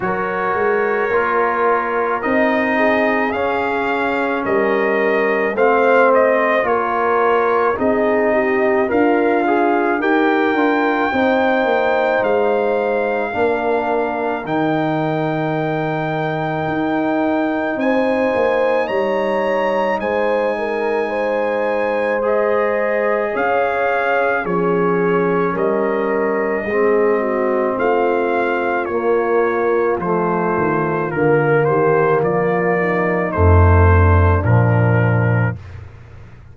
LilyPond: <<
  \new Staff \with { instrumentName = "trumpet" } { \time 4/4 \tempo 4 = 54 cis''2 dis''4 f''4 | dis''4 f''8 dis''8 cis''4 dis''4 | f''4 g''2 f''4~ | f''4 g''2. |
gis''4 ais''4 gis''2 | dis''4 f''4 cis''4 dis''4~ | dis''4 f''4 cis''4 c''4 | ais'8 c''8 d''4 c''4 ais'4 | }
  \new Staff \with { instrumentName = "horn" } { \time 4/4 ais'2~ ais'8 gis'4. | ais'4 c''4 ais'4 gis'8 g'8 | f'4 ais'4 c''2 | ais'1 |
c''4 cis''4 c''8 ais'8 c''4~ | c''4 cis''4 gis'4 ais'4 | gis'8 fis'8 f'2.~ | f'8 g'8 f'8 dis'4 d'4. | }
  \new Staff \with { instrumentName = "trombone" } { \time 4/4 fis'4 f'4 dis'4 cis'4~ | cis'4 c'4 f'4 dis'4 | ais'8 gis'8 g'8 f'8 dis'2 | d'4 dis'2.~ |
dis'1 | gis'2 cis'2 | c'2 ais4 a4 | ais2 a4 f4 | }
  \new Staff \with { instrumentName = "tuba" } { \time 4/4 fis8 gis8 ais4 c'4 cis'4 | g4 a4 ais4 c'4 | d'4 dis'8 d'8 c'8 ais8 gis4 | ais4 dis2 dis'4 |
c'8 ais8 g4 gis2~ | gis4 cis'4 f4 g4 | gis4 a4 ais4 f8 dis8 | d8 dis8 f4 f,4 ais,4 | }
>>